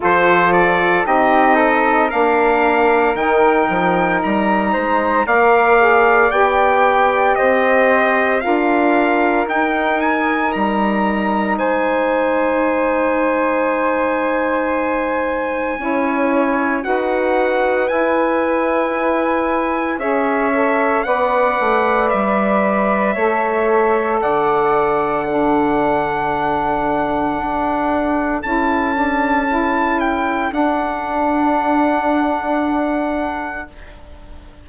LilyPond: <<
  \new Staff \with { instrumentName = "trumpet" } { \time 4/4 \tempo 4 = 57 c''8 d''8 dis''4 f''4 g''4 | ais''4 f''4 g''4 dis''4 | f''4 g''8 gis''8 ais''4 gis''4~ | gis''1 |
fis''4 gis''2 e''4 | fis''4 e''2 fis''4~ | fis''2. a''4~ | a''8 g''8 fis''2. | }
  \new Staff \with { instrumentName = "flute" } { \time 4/4 a'4 g'8 a'8 ais'2~ | ais'8 c''8 d''2 c''4 | ais'2. c''4~ | c''2. cis''4 |
b'2. cis''4 | d''2 cis''4 d''4 | a'1~ | a'1 | }
  \new Staff \with { instrumentName = "saxophone" } { \time 4/4 f'4 dis'4 d'4 dis'4~ | dis'4 ais'8 gis'8 g'2 | f'4 dis'2.~ | dis'2. e'4 |
fis'4 e'2 gis'8 a'8 | b'2 a'2 | d'2. e'8 d'8 | e'4 d'2. | }
  \new Staff \with { instrumentName = "bassoon" } { \time 4/4 f4 c'4 ais4 dis8 f8 | g8 gis8 ais4 b4 c'4 | d'4 dis'4 g4 gis4~ | gis2. cis'4 |
dis'4 e'2 cis'4 | b8 a8 g4 a4 d4~ | d2 d'4 cis'4~ | cis'4 d'2. | }
>>